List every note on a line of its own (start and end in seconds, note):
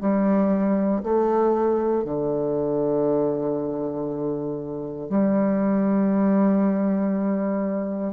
0.00 1.02 G3
1.03 2.04 A3
2.04 5.09 D3
5.09 8.13 G3